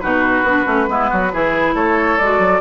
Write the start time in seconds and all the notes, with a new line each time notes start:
0.00 B2 D#4 F#4 B4
0.43 B3 D4
0.65 A3 C#4
0.87 G#3 B3 E4
1.10 F#3 F#4
1.33 E3 E4 G#4
1.74 A3 A4 C#5
2.18 G#3 F#4 D5
2.38 F#3